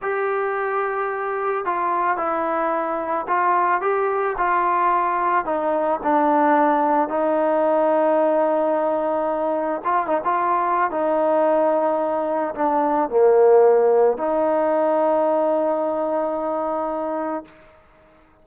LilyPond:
\new Staff \with { instrumentName = "trombone" } { \time 4/4 \tempo 4 = 110 g'2. f'4 | e'2 f'4 g'4 | f'2 dis'4 d'4~ | d'4 dis'2.~ |
dis'2 f'8 dis'16 f'4~ f'16 | dis'2. d'4 | ais2 dis'2~ | dis'1 | }